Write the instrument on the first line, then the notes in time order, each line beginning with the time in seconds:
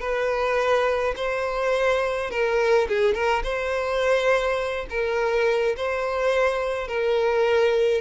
violin
0.00 B4
1.16 C5
2.31 A#4
2.89 G#4
3.14 A#4
3.44 C5
4.90 A#4
5.77 C5
6.88 A#4